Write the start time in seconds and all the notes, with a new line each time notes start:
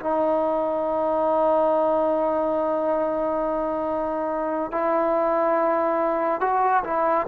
0.00 D#4
4.71 E4
6.41 F#4
6.84 E4